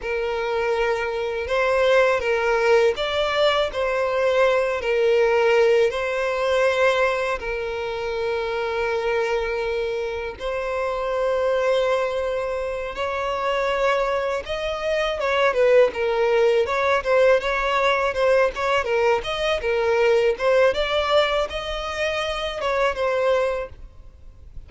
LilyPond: \new Staff \with { instrumentName = "violin" } { \time 4/4 \tempo 4 = 81 ais'2 c''4 ais'4 | d''4 c''4. ais'4. | c''2 ais'2~ | ais'2 c''2~ |
c''4. cis''2 dis''8~ | dis''8 cis''8 b'8 ais'4 cis''8 c''8 cis''8~ | cis''8 c''8 cis''8 ais'8 dis''8 ais'4 c''8 | d''4 dis''4. cis''8 c''4 | }